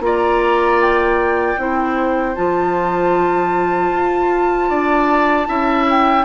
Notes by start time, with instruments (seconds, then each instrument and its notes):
0.00 bassoon A#3, clarinet F4, oboe D5, flute A#5
0.81 flute G5
1.58 bassoon C4, clarinet E4, oboe C5
2.35 bassoon F3, clarinet F4, flute A5
3.91 bassoon F4
4.70 bassoon D4, oboe D5
5.47 bassoon C#4, clarinet E4, oboe E5
5.90 flute G5